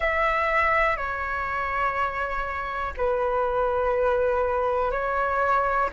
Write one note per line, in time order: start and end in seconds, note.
0.00 0.96 E5
0.96 2.93 C#5
2.97 4.91 B4
4.91 5.89 C#5